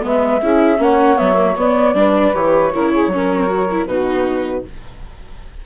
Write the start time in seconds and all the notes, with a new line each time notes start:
0.00 G#3 B3 B4 E5
0.41 C#4 E4 G#4
0.77 A#3 C#4 C#5 F#5
1.16 F#3 B3 E5
1.34 A#3
1.56 B3 D5
1.94 G3 D4 B4
2.33 E3 G4 C#5
2.73 C#3 E4 A#4
2.91 G#4
3.07 F#3 C#4
3.15 A#4
3.46 F#4
3.71 E4
3.86 B2 D#4 F#4 B4